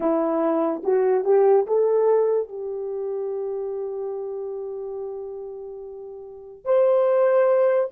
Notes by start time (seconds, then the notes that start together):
0.00 E4
0.83 F#4
1.24 G4
1.67 A4
2.48 G4
6.64 C5